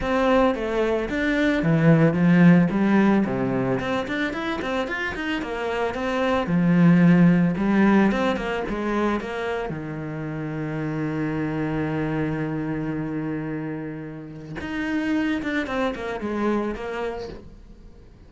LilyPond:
\new Staff \with { instrumentName = "cello" } { \time 4/4 \tempo 4 = 111 c'4 a4 d'4 e4 | f4 g4 c4 c'8 d'8 | e'8 c'8 f'8 dis'8 ais4 c'4 | f2 g4 c'8 ais8 |
gis4 ais4 dis2~ | dis1~ | dis2. dis'4~ | dis'8 d'8 c'8 ais8 gis4 ais4 | }